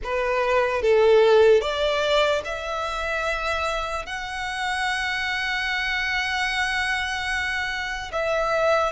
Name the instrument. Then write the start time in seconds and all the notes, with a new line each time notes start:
violin
0.03 B4
0.81 A4
1.61 D5
2.44 E5
4.05 F#5
8.12 E5